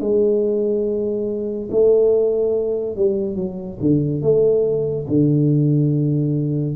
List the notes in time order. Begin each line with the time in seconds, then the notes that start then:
0.00 G#3
1.71 A3
2.96 G3
3.36 F#3
3.80 D3
4.22 A3
5.07 D3